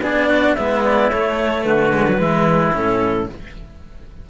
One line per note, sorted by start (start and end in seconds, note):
0.00 0.55 B3
0.00 0.57 D4
0.00 0.28 G#4
0.00 0.54 D5
0.28 0.55 F#4
0.54 1.11 G#3
0.54 1.12 B3
0.54 1.66 E4
0.54 0.82 E5
0.84 1.10 D5
1.10 1.65 A3
1.10 1.93 A3
1.10 1.64 C#5
1.64 2.19 D3
1.64 2.20 F#4
1.64 2.73 B4
1.93 2.07 G#3
2.08 2.18 F#3
2.18 2.73 E3
2.18 2.72 G#3
2.18 3.29 E4
2.73 3.29 A2
2.73 3.27 C#4
2.73 3.29 A4